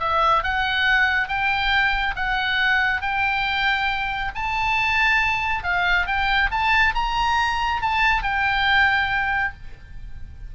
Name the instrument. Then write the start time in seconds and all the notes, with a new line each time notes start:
oboe
0.00 E5
0.43 F#5
1.28 G5
2.16 F#5
3.02 G5
4.35 A5
5.63 F5
6.07 G5
6.51 A5
6.95 A#5
7.82 A5
8.23 G5